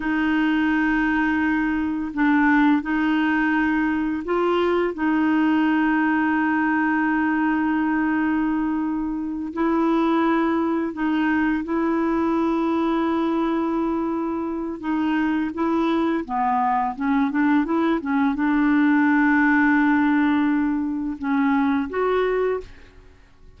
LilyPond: \new Staff \with { instrumentName = "clarinet" } { \time 4/4 \tempo 4 = 85 dis'2. d'4 | dis'2 f'4 dis'4~ | dis'1~ | dis'4. e'2 dis'8~ |
dis'8 e'2.~ e'8~ | e'4 dis'4 e'4 b4 | cis'8 d'8 e'8 cis'8 d'2~ | d'2 cis'4 fis'4 | }